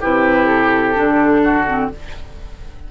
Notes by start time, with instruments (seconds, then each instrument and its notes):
0.00 bassoon C3, clarinet E4, oboe G4, flute B4
0.47 flute A4
0.94 bassoon D3, clarinet D4
1.43 oboe F#4
1.67 clarinet C4